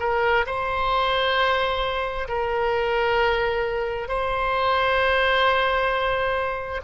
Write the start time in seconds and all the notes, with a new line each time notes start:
0.00 A#4
0.46 C5
2.28 A#4
4.08 C5